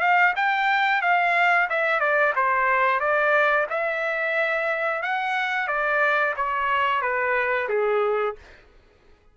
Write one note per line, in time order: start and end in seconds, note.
0.00 0.33 F5
0.36 1.02 G5
1.02 1.68 F5
1.69 2.00 E5
2.00 2.33 D5
2.35 3.00 C5
3.00 3.66 D5
3.70 5.02 E5
5.02 5.67 F#5
5.67 6.34 D5
6.36 7.02 C#5
7.02 7.68 B4
7.68 8.35 G#4